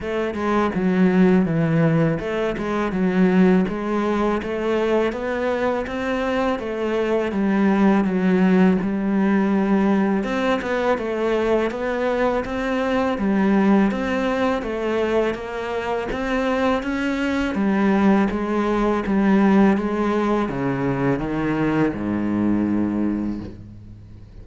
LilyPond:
\new Staff \with { instrumentName = "cello" } { \time 4/4 \tempo 4 = 82 a8 gis8 fis4 e4 a8 gis8 | fis4 gis4 a4 b4 | c'4 a4 g4 fis4 | g2 c'8 b8 a4 |
b4 c'4 g4 c'4 | a4 ais4 c'4 cis'4 | g4 gis4 g4 gis4 | cis4 dis4 gis,2 | }